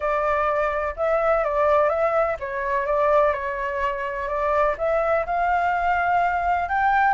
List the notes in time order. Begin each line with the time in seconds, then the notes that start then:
0.00 D5
0.96 E5
1.44 D5
1.89 E5
2.39 C#5
2.85 D5
3.33 C#5
4.27 D5
4.77 E5
5.26 F5
6.68 G5